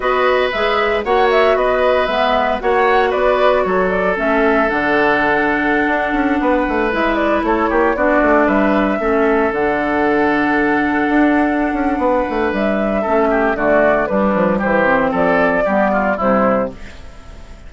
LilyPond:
<<
  \new Staff \with { instrumentName = "flute" } { \time 4/4 \tempo 4 = 115 dis''4 e''4 fis''8 e''8 dis''4 | e''4 fis''4 d''4 cis''8 d''8 | e''4 fis''2.~ | fis''4~ fis''16 e''8 d''8 cis''4 d''8.~ |
d''16 e''2 fis''4.~ fis''16~ | fis''1 | e''2 d''4 b'4 | c''4 d''2 c''4 | }
  \new Staff \with { instrumentName = "oboe" } { \time 4/4 b'2 cis''4 b'4~ | b'4 cis''4 b'4 a'4~ | a'1~ | a'16 b'2 a'8 g'8 fis'8.~ |
fis'16 b'4 a'2~ a'8.~ | a'2. b'4~ | b'4 a'8 g'8 fis'4 d'4 | g'4 a'4 g'8 f'8 e'4 | }
  \new Staff \with { instrumentName = "clarinet" } { \time 4/4 fis'4 gis'4 fis'2 | b4 fis'2. | cis'4 d'2.~ | d'4~ d'16 e'2 d'8.~ |
d'4~ d'16 cis'4 d'4.~ d'16~ | d'1~ | d'4 cis'4 a4 g4~ | g8 c'4. b4 g4 | }
  \new Staff \with { instrumentName = "bassoon" } { \time 4/4 b4 gis4 ais4 b4 | gis4 ais4 b4 fis4 | a4 d2~ d16 d'8 cis'16~ | cis'16 b8 a8 gis4 a8 ais8 b8 a16~ |
a16 g4 a4 d4.~ d16~ | d4~ d16 d'4~ d'16 cis'8 b8 a8 | g4 a4 d4 g8 f8 | e4 f4 g4 c4 | }
>>